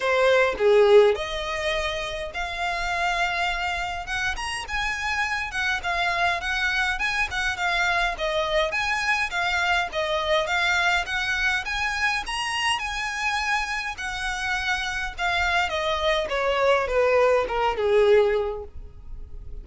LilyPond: \new Staff \with { instrumentName = "violin" } { \time 4/4 \tempo 4 = 103 c''4 gis'4 dis''2 | f''2. fis''8 ais''8 | gis''4. fis''8 f''4 fis''4 | gis''8 fis''8 f''4 dis''4 gis''4 |
f''4 dis''4 f''4 fis''4 | gis''4 ais''4 gis''2 | fis''2 f''4 dis''4 | cis''4 b'4 ais'8 gis'4. | }